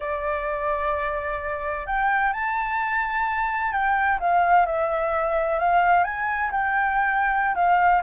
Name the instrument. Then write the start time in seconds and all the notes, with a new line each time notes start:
flute
0.00 D5
1.86 G5
2.33 A5
3.72 G5
4.19 F5
4.66 E5
5.59 F5
6.04 G#5
6.51 G5
7.55 F5